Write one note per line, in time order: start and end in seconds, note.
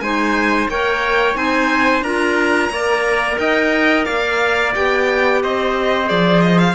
0.00 0.68 G#3
0.00 0.70 D#4
0.00 0.70 C5
0.00 0.67 G#5
0.68 1.35 A#3
0.68 1.35 A#4
0.68 1.37 C#5
0.68 1.36 G5
1.35 2.02 C4
1.35 2.03 D#4
1.35 2.04 C5
1.35 2.03 G#5
2.02 2.69 D4
2.02 2.72 F4
2.02 2.71 A#4
2.02 3.38 A#5
2.70 3.37 A#3
2.70 4.75 A#4
2.70 3.39 D5
3.38 4.06 D#4
3.38 4.05 D#5
3.38 4.05 G5
4.05 4.76 A#3
4.05 5.40 D5
4.05 4.72 F5
4.75 5.44 B3
4.75 6.05 G4
4.75 5.42 G5
5.43 6.11 C4
5.43 6.75 C5
5.43 6.09 D#5
6.05 6.75 F3
6.05 6.73 G#4
6.05 6.42 D5
6.42 6.58 D#5
6.58 6.75 F5